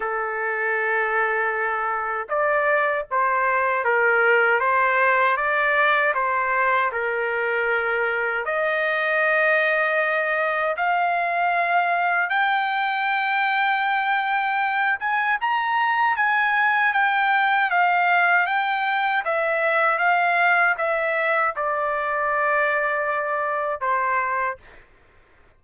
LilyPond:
\new Staff \with { instrumentName = "trumpet" } { \time 4/4 \tempo 4 = 78 a'2. d''4 | c''4 ais'4 c''4 d''4 | c''4 ais'2 dis''4~ | dis''2 f''2 |
g''2.~ g''8 gis''8 | ais''4 gis''4 g''4 f''4 | g''4 e''4 f''4 e''4 | d''2. c''4 | }